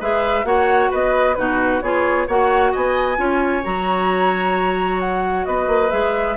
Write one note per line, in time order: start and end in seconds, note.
0.00 0.44 G#3
0.00 0.44 G#4
0.00 0.45 B4
0.00 0.46 E5
0.44 0.89 A#3
0.44 1.35 F#4
0.44 0.90 C#5
0.44 0.91 F#5
0.90 1.38 B3
0.90 1.36 B4
0.90 1.35 D#5
1.35 1.82 B2
1.35 1.82 D#4
1.35 1.83 F#4
1.35 1.80 B4
1.82 2.28 B3
1.82 2.29 F4
1.82 2.27 G#4
1.82 2.27 C#5
2.27 2.73 A#3
2.27 3.16 F#4
2.27 2.72 C#5
2.27 2.74 F#5
2.72 3.18 B3
2.72 3.17 D#5
2.72 3.64 G#5
3.16 3.63 C#4
3.16 3.62 F4
3.16 5.47 C#5
3.64 5.47 F#3
3.64 5.90 F#4
3.64 5.00 A#5
5.00 5.45 F#5
5.45 5.67 B3
5.45 6.36 B4
5.45 5.91 D#5
5.67 5.90 A#3
5.90 6.36 G#3
5.90 6.35 G#4
5.90 6.36 E5